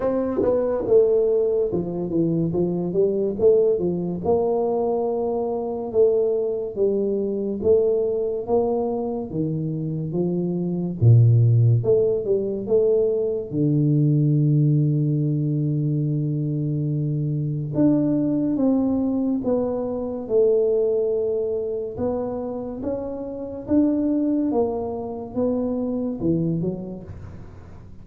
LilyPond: \new Staff \with { instrumentName = "tuba" } { \time 4/4 \tempo 4 = 71 c'8 b8 a4 f8 e8 f8 g8 | a8 f8 ais2 a4 | g4 a4 ais4 dis4 | f4 ais,4 a8 g8 a4 |
d1~ | d4 d'4 c'4 b4 | a2 b4 cis'4 | d'4 ais4 b4 e8 fis8 | }